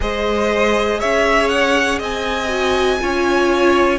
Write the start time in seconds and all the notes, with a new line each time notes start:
0.00 G#3 G#4 C5 D#5
0.99 C#4 C#5 E5
1.49 F#5
1.98 C4 D#5 G#5
2.48 F#4
3.00 C#4 F4 C#5